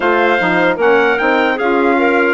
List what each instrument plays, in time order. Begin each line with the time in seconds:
0.00 bassoon A3, saxophone F4, clarinet C5, trumpet F5
0.38 bassoon F3, saxophone D#4
0.76 bassoon A#3, saxophone C#4, clarinet A#4, trumpet F#5
1.18 bassoon C4, saxophone D#4, trumpet G5
1.55 bassoon C#4, saxophone F4, clarinet G#4, trumpet F5
1.97 clarinet A#4